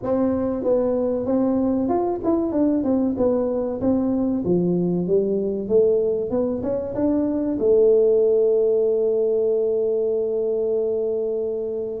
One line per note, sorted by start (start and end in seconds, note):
0.02 0.63 C4
0.63 1.26 B3
1.26 1.89 C4
1.89 2.20 F4
2.24 2.51 E4
2.51 2.83 D4
2.83 3.15 C4
3.17 3.80 B3
3.80 4.44 C4
4.44 5.07 F3
5.07 5.68 G3
5.68 6.30 A3
6.30 6.61 B3
6.63 6.94 C#4
6.94 7.58 D4
7.59 12.00 A3